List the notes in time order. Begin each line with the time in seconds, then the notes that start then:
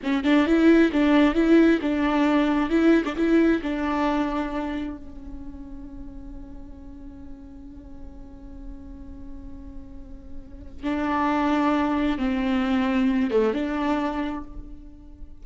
0.03 C#4
0.24 D4
0.46 E4
0.92 D4
1.34 E4
1.81 D4
2.69 E4
3.05 D4
3.16 E4
3.62 D4
4.97 C#4
10.83 D4
12.18 C4
13.30 A3
13.53 D4